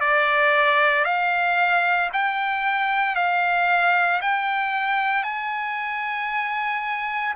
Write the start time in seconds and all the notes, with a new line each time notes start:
0.00 D5
1.04 F5
2.12 G5
3.15 F5
4.21 G5
5.23 G#5